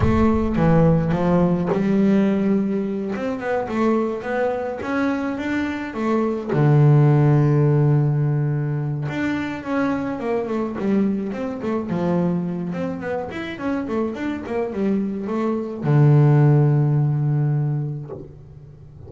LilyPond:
\new Staff \with { instrumentName = "double bass" } { \time 4/4 \tempo 4 = 106 a4 e4 f4 g4~ | g4. c'8 b8 a4 b8~ | b8 cis'4 d'4 a4 d8~ | d1 |
d'4 cis'4 ais8 a8 g4 | c'8 a8 f4. c'8 b8 e'8 | cis'8 a8 d'8 ais8 g4 a4 | d1 | }